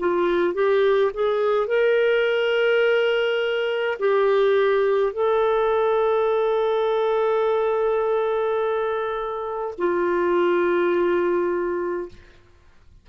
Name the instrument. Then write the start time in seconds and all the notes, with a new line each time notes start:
clarinet
0.00 F4
0.54 G4
1.14 G#4
1.67 A#4
3.99 G4
5.13 A4
9.78 F4